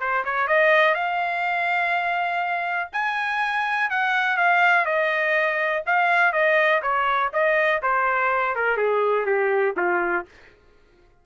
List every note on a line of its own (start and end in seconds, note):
0.00 0.24 C5
0.25 0.47 C#5
0.47 0.95 D#5
0.95 2.90 F5
2.92 3.90 G#5
3.90 4.37 F#5
4.37 4.86 F5
4.86 5.83 D#5
5.86 6.33 F5
6.33 6.81 D#5
6.82 7.31 C#5
7.33 7.82 D#5
7.82 8.56 C5
8.56 8.77 A#4
8.77 9.26 G#4
9.26 9.74 G4
9.77 10.25 F4